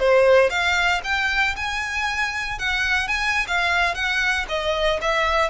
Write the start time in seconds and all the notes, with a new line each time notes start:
0.00 C5
0.50 F5
1.04 G5
1.57 G#5
2.59 F#5
3.08 G#5
3.48 F5
3.95 F#5
4.49 D#5
5.02 E5